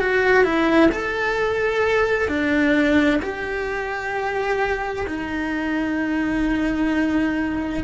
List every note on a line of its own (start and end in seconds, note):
0.00 0.44 F#4
0.44 0.90 E4
0.91 2.28 A4
2.28 3.20 D4
3.22 5.06 G4
5.07 7.84 D#4